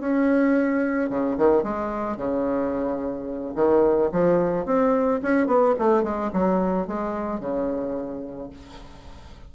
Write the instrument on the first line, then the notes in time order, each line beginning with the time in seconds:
bassoon
0.00 C#4
1.09 C#3
1.37 D#3
1.63 G#3
2.16 C#3
3.55 D#3
4.12 F3
4.65 C4
5.22 C#4
5.47 B3
5.79 A3
6.03 G#3
6.33 F#3
6.87 G#3
7.40 C#3